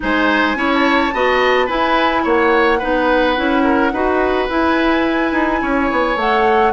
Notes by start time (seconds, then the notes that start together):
0.00 G#3 D#4 C5 G#5
0.55 C#4 E4 C#5
0.73 A5
1.13 B3 F#4 D#5
1.65 E4 B4 G#5
2.23 A#3 C#5 F#5
2.78 B3 D#4 B4
3.36 C#4 E4
3.63 A#4
3.92 D#4 F#4 B4
4.48 E4 G#5
5.32 D#4
5.61 C#4 C#5
5.91 B3
6.16 A3 A4 F#5